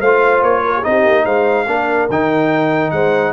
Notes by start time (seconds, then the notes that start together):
0.00 A3 F4 C5 F5
0.43 A#3 C#5
0.65 A#4
0.77 D#4 G#4
0.84 C4 G4 D#5
1.05 A#3
1.25 G#3 C5 F5
1.67 A#3 D4 A#4
2.09 D#3 D#4 G5
2.91 G#3 C5 F#5